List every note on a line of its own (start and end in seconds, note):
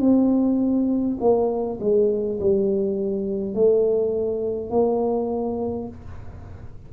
0.00 1.18 C4
1.20 1.79 A#3
1.80 2.39 G#3
2.40 3.55 G3
3.55 4.71 A3
4.71 5.88 A#3